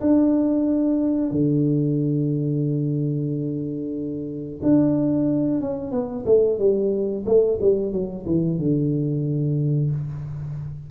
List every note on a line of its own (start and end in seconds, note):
0.00 1.31 D4
1.31 4.60 D3
4.62 5.61 D4
5.61 5.91 C#4
5.91 6.24 B3
6.25 6.58 A3
6.58 7.24 G3
7.26 7.59 A3
7.61 7.92 G3
7.92 8.25 F#3
8.26 8.59 E3
8.59 9.91 D3